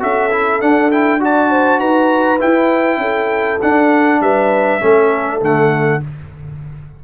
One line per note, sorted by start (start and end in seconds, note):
0.00 0.62 C#4
0.00 0.30 F#4
0.00 1.23 A4
0.00 0.62 E5
0.32 0.61 E4
0.62 0.92 D4
0.62 1.80 D4
0.62 0.92 F#5
0.92 1.20 E4
0.92 1.22 G5
1.20 2.40 F#4
1.20 1.51 D5
1.20 1.80 A5
1.51 1.80 C5
1.80 2.40 D#4
1.80 3.00 B4
1.80 2.40 A#5
2.40 3.60 E4
2.40 2.98 E4
2.40 3.61 G5
2.98 3.58 C#4
2.98 4.21 A4
3.62 4.81 D4
3.62 4.21 D4
3.62 4.22 F#5
4.21 4.81 G3
4.21 4.82 B4
4.21 5.42 E5
4.81 5.42 A3
4.81 5.41 C#4
4.81 6.02 A4
5.41 6.02 D3
5.41 6.01 A3
5.41 6.04 F#5